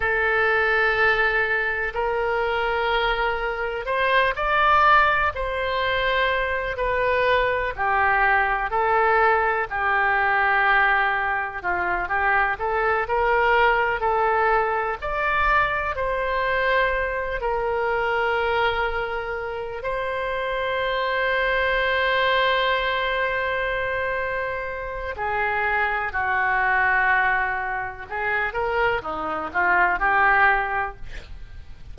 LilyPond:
\new Staff \with { instrumentName = "oboe" } { \time 4/4 \tempo 4 = 62 a'2 ais'2 | c''8 d''4 c''4. b'4 | g'4 a'4 g'2 | f'8 g'8 a'8 ais'4 a'4 d''8~ |
d''8 c''4. ais'2~ | ais'8 c''2.~ c''8~ | c''2 gis'4 fis'4~ | fis'4 gis'8 ais'8 dis'8 f'8 g'4 | }